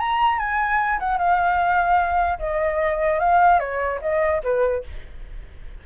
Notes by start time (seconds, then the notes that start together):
0.00 A#5
0.39 G#5
1.00 F#5
1.18 F5
2.39 D#5
3.20 F5
3.60 C#5
4.02 D#5
4.44 B4